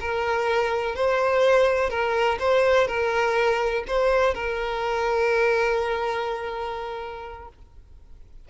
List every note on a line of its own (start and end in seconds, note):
0.00 0.95 A#4
0.95 1.90 C5
1.90 2.38 A#4
2.40 2.87 C5
2.87 3.84 A#4
3.88 4.34 C5
4.34 7.49 A#4